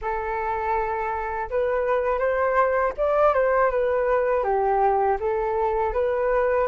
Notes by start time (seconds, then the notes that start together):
0.01 A4
1.50 B4
2.18 C5
2.97 D5
3.34 C5
3.70 B4
4.43 G4
5.20 A4
5.93 B4